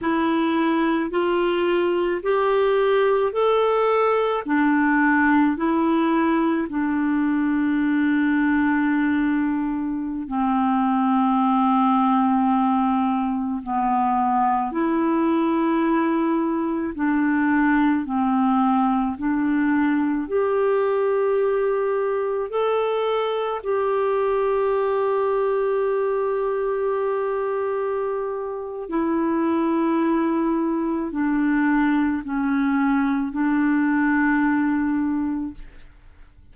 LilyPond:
\new Staff \with { instrumentName = "clarinet" } { \time 4/4 \tempo 4 = 54 e'4 f'4 g'4 a'4 | d'4 e'4 d'2~ | d'4~ d'16 c'2~ c'8.~ | c'16 b4 e'2 d'8.~ |
d'16 c'4 d'4 g'4.~ g'16~ | g'16 a'4 g'2~ g'8.~ | g'2 e'2 | d'4 cis'4 d'2 | }